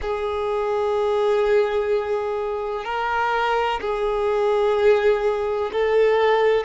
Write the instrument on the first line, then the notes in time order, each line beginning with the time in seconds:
violin
0.01 G#4
2.84 A#4
3.81 G#4
5.72 A4